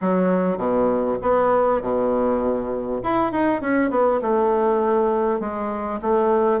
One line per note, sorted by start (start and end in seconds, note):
0.01 0.57 F#3
0.57 1.17 B2
1.22 1.81 B3
1.81 3.01 B2
3.03 3.32 E4
3.32 3.61 D#4
3.61 3.90 C#4
3.90 4.20 B3
4.21 5.40 A3
5.40 6.00 G#3
6.01 6.60 A3